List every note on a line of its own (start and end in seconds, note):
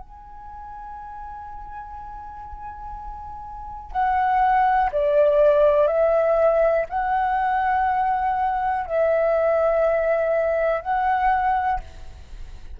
0.00 3.92 G#5
3.92 4.90 F#5
4.92 5.87 D5
5.87 6.85 E5
6.89 8.86 F#5
8.86 10.82 E5
10.82 11.80 F#5